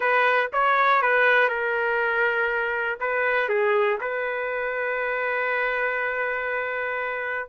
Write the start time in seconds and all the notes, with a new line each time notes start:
0.00 B4
0.53 C#5
1.02 B4
1.48 A#4
3.00 B4
3.49 G#4
4.00 B4